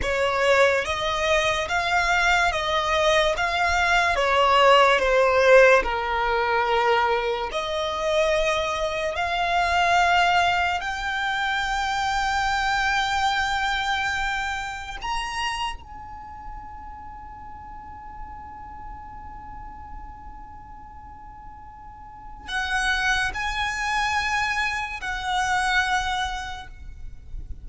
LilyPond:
\new Staff \with { instrumentName = "violin" } { \time 4/4 \tempo 4 = 72 cis''4 dis''4 f''4 dis''4 | f''4 cis''4 c''4 ais'4~ | ais'4 dis''2 f''4~ | f''4 g''2.~ |
g''2 ais''4 gis''4~ | gis''1~ | gis''2. fis''4 | gis''2 fis''2 | }